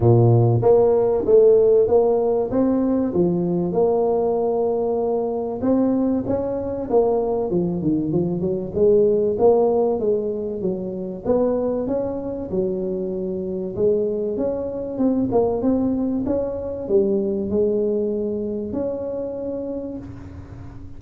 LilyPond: \new Staff \with { instrumentName = "tuba" } { \time 4/4 \tempo 4 = 96 ais,4 ais4 a4 ais4 | c'4 f4 ais2~ | ais4 c'4 cis'4 ais4 | f8 dis8 f8 fis8 gis4 ais4 |
gis4 fis4 b4 cis'4 | fis2 gis4 cis'4 | c'8 ais8 c'4 cis'4 g4 | gis2 cis'2 | }